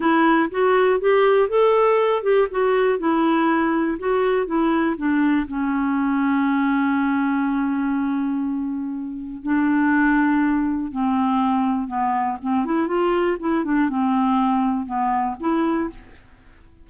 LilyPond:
\new Staff \with { instrumentName = "clarinet" } { \time 4/4 \tempo 4 = 121 e'4 fis'4 g'4 a'4~ | a'8 g'8 fis'4 e'2 | fis'4 e'4 d'4 cis'4~ | cis'1~ |
cis'2. d'4~ | d'2 c'2 | b4 c'8 e'8 f'4 e'8 d'8 | c'2 b4 e'4 | }